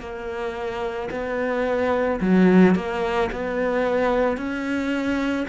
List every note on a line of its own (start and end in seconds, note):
0.00 1.09 A#3
1.11 2.20 B3
2.21 2.75 F#3
2.75 3.30 A#3
3.32 4.37 B3
4.37 5.46 C#4